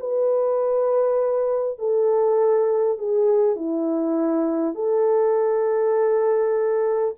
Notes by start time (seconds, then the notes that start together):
0.00 B4
1.79 A4
2.98 G#4
3.56 E4
4.75 A4